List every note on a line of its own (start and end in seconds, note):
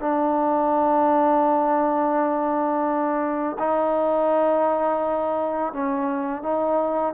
0.00 3.57 D4
3.59 5.73 D#4
5.73 6.43 C#4
6.43 7.14 D#4